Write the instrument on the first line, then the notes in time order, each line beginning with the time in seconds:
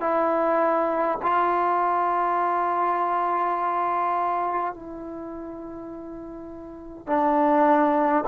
trombone
0.00 E4
1.22 F4
4.74 E4
7.06 D4